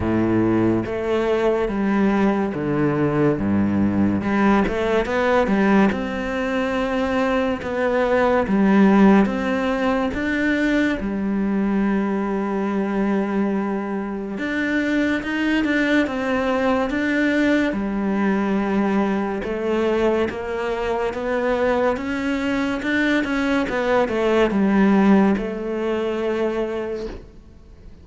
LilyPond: \new Staff \with { instrumentName = "cello" } { \time 4/4 \tempo 4 = 71 a,4 a4 g4 d4 | g,4 g8 a8 b8 g8 c'4~ | c'4 b4 g4 c'4 | d'4 g2.~ |
g4 d'4 dis'8 d'8 c'4 | d'4 g2 a4 | ais4 b4 cis'4 d'8 cis'8 | b8 a8 g4 a2 | }